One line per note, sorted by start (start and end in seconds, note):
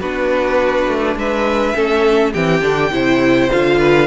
0.00 0.87 B3
0.00 1.74 D4
0.00 1.17 F#4
0.00 1.17 B4
0.87 1.16 A3
1.16 1.74 G#3
1.16 1.76 B4
1.16 2.33 E5
1.74 2.34 A3
1.74 2.33 C#4
1.74 2.33 A4
2.33 2.62 E3
2.33 2.61 C4
2.33 2.91 G4
2.33 3.50 G5
2.61 2.90 D3
2.61 2.90 D4
2.90 3.49 C3
2.90 3.50 E4
2.90 3.79 C5
3.51 4.06 D3
3.51 4.06 F4
3.51 4.06 F5
3.79 4.06 B4